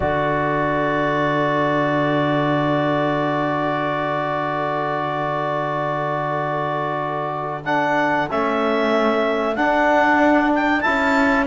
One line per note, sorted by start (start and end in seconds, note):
0.00 8.31 D3
0.00 7.63 F#4
0.00 11.46 A4
0.00 7.64 D5
7.64 8.29 D4
7.64 8.28 F#5
8.30 9.57 A3
8.30 9.56 C#4
8.30 9.55 E5
9.55 10.82 D4
9.55 10.84 D4
9.55 10.51 F#5
10.54 10.81 G5
10.81 11.46 E4
10.81 11.44 A5
10.87 11.46 C#4